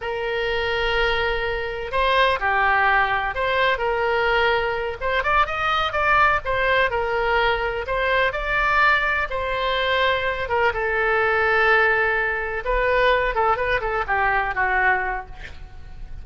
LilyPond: \new Staff \with { instrumentName = "oboe" } { \time 4/4 \tempo 4 = 126 ais'1 | c''4 g'2 c''4 | ais'2~ ais'8 c''8 d''8 dis''8~ | dis''8 d''4 c''4 ais'4.~ |
ais'8 c''4 d''2 c''8~ | c''2 ais'8 a'4.~ | a'2~ a'8 b'4. | a'8 b'8 a'8 g'4 fis'4. | }